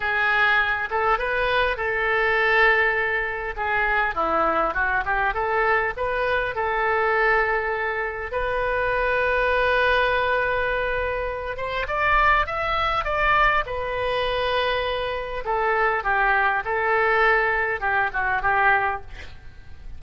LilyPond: \new Staff \with { instrumentName = "oboe" } { \time 4/4 \tempo 4 = 101 gis'4. a'8 b'4 a'4~ | a'2 gis'4 e'4 | fis'8 g'8 a'4 b'4 a'4~ | a'2 b'2~ |
b'2.~ b'8 c''8 | d''4 e''4 d''4 b'4~ | b'2 a'4 g'4 | a'2 g'8 fis'8 g'4 | }